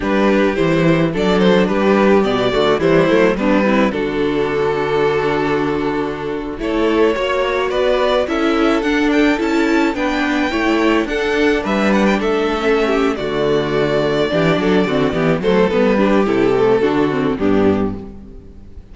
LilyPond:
<<
  \new Staff \with { instrumentName = "violin" } { \time 4/4 \tempo 4 = 107 b'4 c''4 d''8 c''8 b'4 | d''4 c''4 b'4 a'4~ | a'2.~ a'8. cis''16~ | cis''4.~ cis''16 d''4 e''4 fis''16~ |
fis''16 g''8 a''4 g''2 fis''16~ | fis''8. e''8 fis''16 g''16 e''4.~ e''16 d''8~ | d''2.~ d''8 c''8 | b'4 a'2 g'4 | }
  \new Staff \with { instrumentName = "violin" } { \time 4/4 g'2 a'4 g'4~ | g'8 fis'8 e'4 d'8 e'8 fis'4~ | fis'2.~ fis'8. a'16~ | a'8. cis''4 b'4 a'4~ a'16~ |
a'4.~ a'16 b'4 cis''4 a'16~ | a'8. b'4 a'4~ a'16 g'8 fis'8~ | fis'4. g'8 a'8 fis'8 g'8 a'8~ | a'8 g'4. fis'4 d'4 | }
  \new Staff \with { instrumentName = "viola" } { \time 4/4 d'4 e'4 d'2 | b8 a8 g8 a8 b8 c'8 d'4~ | d'2.~ d'8. e'16~ | e'8. fis'2 e'4 d'16~ |
d'8. e'4 d'4 e'4 d'16~ | d'2~ d'8 cis'4 a8~ | a4. d'4 c'8 b8 a8 | b8 d'8 e'8 a8 d'8 c'8 b4 | }
  \new Staff \with { instrumentName = "cello" } { \time 4/4 g4 e4 fis4 g4 | b,8 d8 e8 fis8 g4 d4~ | d2.~ d8. a16~ | a8. ais4 b4 cis'4 d'16~ |
d'8. cis'4 b4 a4 d'16~ | d'8. g4 a4.~ a16 d8~ | d4. e8 fis8 d8 e8 fis8 | g4 c4 d4 g,4 | }
>>